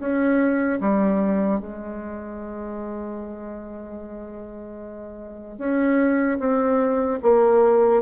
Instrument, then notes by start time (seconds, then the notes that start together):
bassoon
0.00 C#4
0.81 G3
1.60 G#3
5.59 C#4
6.40 C4
7.23 A#3